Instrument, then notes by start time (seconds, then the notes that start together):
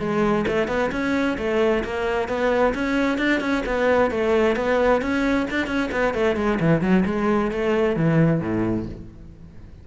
cello
0.00 G#3
0.48 A3
0.68 B3
0.92 C#4
1.38 A3
1.84 A#3
2.29 B3
2.75 C#4
3.18 D4
3.41 C#4
3.66 B3
4.11 A3
4.56 B3
5.02 C#4
5.51 D4
5.67 C#4
5.92 B3
6.14 A3
6.36 G#3
6.60 E3
6.81 F#3
7.06 G#3
7.52 A3
7.96 E3
8.41 A2